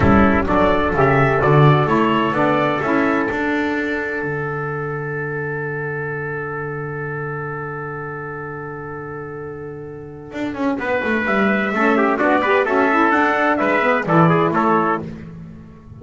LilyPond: <<
  \new Staff \with { instrumentName = "trumpet" } { \time 4/4 \tempo 4 = 128 a'4 d''4 e''4 d''4 | cis''4 d''4 e''4 fis''4~ | fis''1~ | fis''1~ |
fis''1~ | fis''1 | e''2 d''4 e''4 | fis''4 e''4 d''4 cis''4 | }
  \new Staff \with { instrumentName = "trumpet" } { \time 4/4 e'4 a'2.~ | a'1~ | a'1~ | a'1~ |
a'1~ | a'2. b'4~ | b'4 a'8 g'8 fis'8 b'8 a'4~ | a'4 b'4 a'8 gis'8 a'4 | }
  \new Staff \with { instrumentName = "saxophone" } { \time 4/4 cis'4 d'4 g'4 fis'4 | e'4 d'4 e'4 d'4~ | d'1~ | d'1~ |
d'1~ | d'1~ | d'4 cis'4 d'8 g'8 fis'8 e'8 | d'4. b8 e'2 | }
  \new Staff \with { instrumentName = "double bass" } { \time 4/4 g4 fis4 cis4 d4 | a4 b4 cis'4 d'4~ | d'4 d2.~ | d1~ |
d1~ | d2 d'8 cis'8 b8 a8 | g4 a4 b4 cis'4 | d'4 gis4 e4 a4 | }
>>